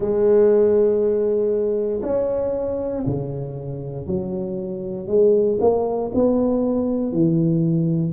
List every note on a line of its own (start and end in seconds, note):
0.00 2.01 G#3
2.02 3.04 C#4
3.06 4.06 C#3
4.06 5.07 F#3
5.07 5.58 G#3
5.60 6.11 A#3
6.14 7.12 B3
7.12 8.12 E3